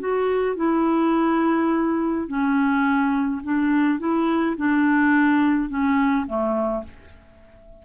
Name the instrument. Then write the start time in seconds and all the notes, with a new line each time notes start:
clarinet
0.00 F#4
0.57 E4
2.28 C#4
3.44 D4
3.99 E4
4.57 D4
5.70 C#4
6.27 A3